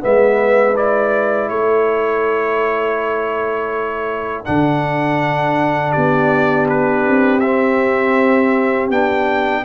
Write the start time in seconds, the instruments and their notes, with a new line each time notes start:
0.00 tuba G#3, trombone B3, horn B4, trumpet E5
0.75 trombone E4, trumpet D5
1.49 tuba A3, horn A4, trumpet C#5
4.44 tuba D3, trombone D4, trumpet F#5
5.92 tuba B3, horn G4, trumpet D5
6.69 trumpet B4
7.06 tuba C4
7.39 trombone C4, trumpet E5
8.90 tuba B3, trombone D4, trumpet G5